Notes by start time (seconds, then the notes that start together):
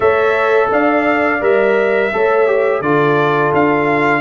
0.00 A3 A4 C#5 E5
0.71 D4 D5 F5
1.40 G3 A#4 E5
2.13 A3 A4 C#5
2.46 G4
2.81 D3 F4 A4 D5
3.53 D4 F5